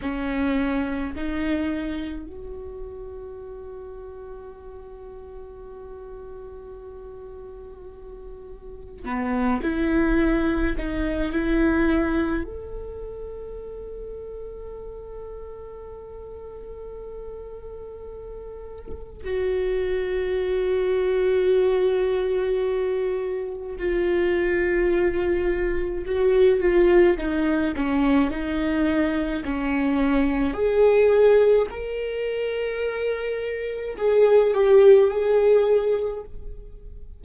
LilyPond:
\new Staff \with { instrumentName = "viola" } { \time 4/4 \tempo 4 = 53 cis'4 dis'4 fis'2~ | fis'1 | b8 e'4 dis'8 e'4 a'4~ | a'1~ |
a'4 fis'2.~ | fis'4 f'2 fis'8 f'8 | dis'8 cis'8 dis'4 cis'4 gis'4 | ais'2 gis'8 g'8 gis'4 | }